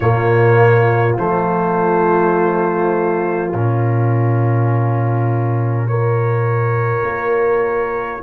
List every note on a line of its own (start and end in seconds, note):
0.00 1.17 A#2
0.00 1.17 A#3
0.00 5.86 F4
0.00 1.15 C#5
1.17 3.53 F3
1.17 3.53 A3
1.17 3.52 C5
3.52 7.02 A#2
3.52 5.89 C#4
3.52 5.87 A#4
5.87 8.22 F4
5.87 8.22 A#4
5.87 8.22 C#5
7.02 8.20 A#3